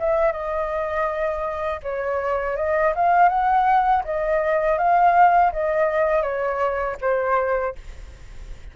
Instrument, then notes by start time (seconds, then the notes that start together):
flute
0.00 E5
0.32 D#5
1.83 C#5
2.57 D#5
2.96 F5
3.29 F#5
4.05 D#5
4.78 F5
5.53 D#5
6.23 C#5
7.01 C5